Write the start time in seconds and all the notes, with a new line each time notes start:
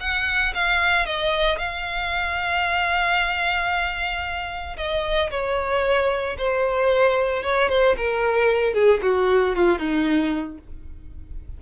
0.00 F#5
0.54 F5
1.05 D#5
1.58 F5
4.77 D#5
5.30 C#5
6.38 C5
7.43 C#5
7.69 C5
7.97 A#4
8.73 G#4
9.02 F#4
9.55 F4
9.78 D#4